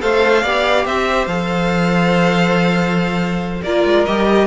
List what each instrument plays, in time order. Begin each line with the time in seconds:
0.00 cello A3, viola A4, violin C5 F5
0.42 cello B3, viola G4, violin D5
0.85 cello C4, violin C5 E5
1.26 cello F3, viola A4, violin F5
3.62 cello A#3, viola F4, violin A#4 D5
3.84 cello G#3
4.05 cello G3, viola G4, violin D#5